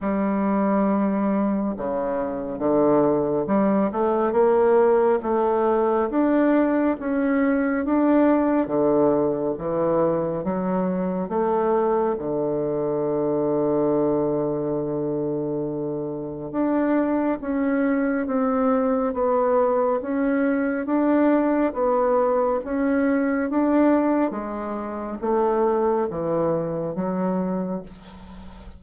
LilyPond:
\new Staff \with { instrumentName = "bassoon" } { \time 4/4 \tempo 4 = 69 g2 cis4 d4 | g8 a8 ais4 a4 d'4 | cis'4 d'4 d4 e4 | fis4 a4 d2~ |
d2. d'4 | cis'4 c'4 b4 cis'4 | d'4 b4 cis'4 d'4 | gis4 a4 e4 fis4 | }